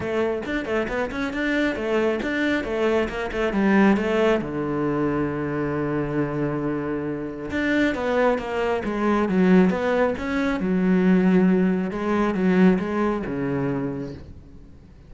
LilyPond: \new Staff \with { instrumentName = "cello" } { \time 4/4 \tempo 4 = 136 a4 d'8 a8 b8 cis'8 d'4 | a4 d'4 a4 ais8 a8 | g4 a4 d2~ | d1~ |
d4 d'4 b4 ais4 | gis4 fis4 b4 cis'4 | fis2. gis4 | fis4 gis4 cis2 | }